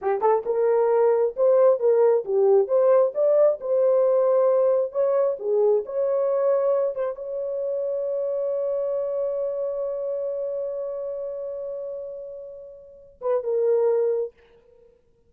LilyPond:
\new Staff \with { instrumentName = "horn" } { \time 4/4 \tempo 4 = 134 g'8 a'8 ais'2 c''4 | ais'4 g'4 c''4 d''4 | c''2. cis''4 | gis'4 cis''2~ cis''8 c''8 |
cis''1~ | cis''1~ | cis''1~ | cis''4. b'8 ais'2 | }